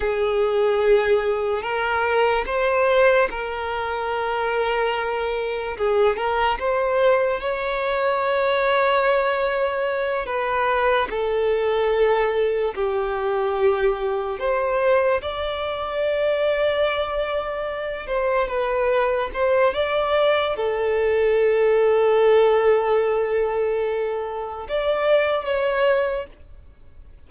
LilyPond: \new Staff \with { instrumentName = "violin" } { \time 4/4 \tempo 4 = 73 gis'2 ais'4 c''4 | ais'2. gis'8 ais'8 | c''4 cis''2.~ | cis''8 b'4 a'2 g'8~ |
g'4. c''4 d''4.~ | d''2 c''8 b'4 c''8 | d''4 a'2.~ | a'2 d''4 cis''4 | }